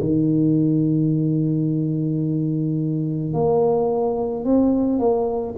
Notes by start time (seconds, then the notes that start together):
0.00 D#3
3.33 A#3
4.44 C4
4.99 A#3